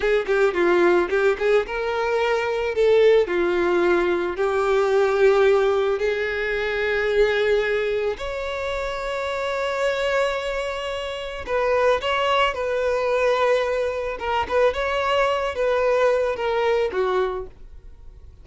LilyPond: \new Staff \with { instrumentName = "violin" } { \time 4/4 \tempo 4 = 110 gis'8 g'8 f'4 g'8 gis'8 ais'4~ | ais'4 a'4 f'2 | g'2. gis'4~ | gis'2. cis''4~ |
cis''1~ | cis''4 b'4 cis''4 b'4~ | b'2 ais'8 b'8 cis''4~ | cis''8 b'4. ais'4 fis'4 | }